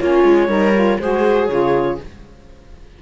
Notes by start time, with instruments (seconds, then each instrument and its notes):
0.00 cello A#3, saxophone C#4, viola F4, clarinet C#5
0.24 cello G#3
0.48 cello G3, saxophone D#4, viola A#4
0.74 saxophone F4
1.00 cello G#3, saxophone F#4, viola G#4, clarinet C5
1.47 cello C#3, saxophone F4, clarinet C#5